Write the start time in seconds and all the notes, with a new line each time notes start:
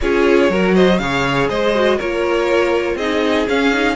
0.00 C#4 F4 G#4 C#5
0.49 F#3 F#4 A#4
0.74 C5 D#5
0.98 C#3 G#4 C#5 F5
1.49 G#3 C5 D#5
1.74 F#4
1.97 A#3 F4 A#4 C#5
2.95 C4 D#4 G#4 D#5
3.47 C#4 F5
3.72 D#4